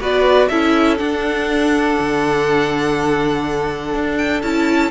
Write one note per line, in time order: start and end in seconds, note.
0.00 0.50 B3
0.00 0.50 F#4
0.00 0.49 B4
0.00 0.48 D5
0.48 0.99 C#4
0.48 0.98 E4
0.48 4.91 A4
0.48 0.97 E5
0.98 4.42 D4
0.98 1.99 D4
0.98 4.17 F#5
2.00 3.94 D3
3.94 4.43 D4
4.17 4.42 G5
4.42 4.91 C#4
4.42 4.91 E4
4.42 4.91 A5